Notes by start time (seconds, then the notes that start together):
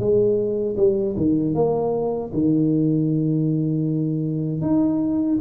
0.00 G#3
0.77 G3
1.17 D#3
1.55 A#3
2.34 D#3
4.62 D#4